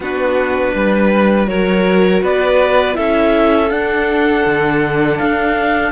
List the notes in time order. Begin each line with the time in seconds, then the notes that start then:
0.00 B3 D4 F#4 B4
0.74 G3 B4
1.47 F#3 F#4 A#4 C#5
2.22 B3 B4 D5
2.93 C#4 E4 A4 E5
3.69 D4 F#5
4.45 D3
5.18 D4 F5